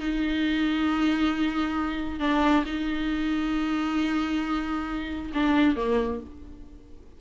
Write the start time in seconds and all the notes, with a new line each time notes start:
0.00 D#4
2.20 D4
2.66 D#4
5.34 D4
5.76 A#3